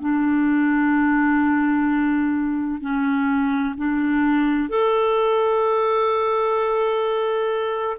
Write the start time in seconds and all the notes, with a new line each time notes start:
0.00 D4
2.81 C#4
3.77 D4
4.69 A4